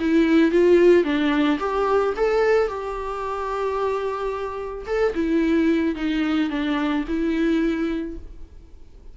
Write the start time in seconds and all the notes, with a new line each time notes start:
0.00 E4
0.52 F4
1.04 D4
1.59 G4
2.17 A4
2.68 G4
4.86 A4
5.15 E4
5.96 D#4
6.50 D4
7.08 E4